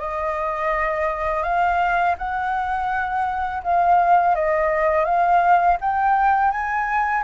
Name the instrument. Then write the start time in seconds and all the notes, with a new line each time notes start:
flute
0.00 D#5
1.43 F5
2.18 F#5
3.63 F5
4.36 D#5
5.05 F5
5.81 G5
6.51 G#5